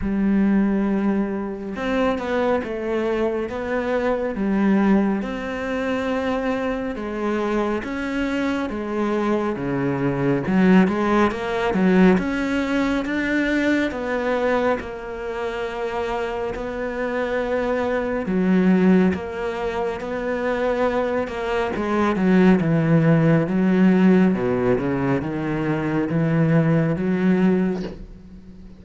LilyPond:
\new Staff \with { instrumentName = "cello" } { \time 4/4 \tempo 4 = 69 g2 c'8 b8 a4 | b4 g4 c'2 | gis4 cis'4 gis4 cis4 | fis8 gis8 ais8 fis8 cis'4 d'4 |
b4 ais2 b4~ | b4 fis4 ais4 b4~ | b8 ais8 gis8 fis8 e4 fis4 | b,8 cis8 dis4 e4 fis4 | }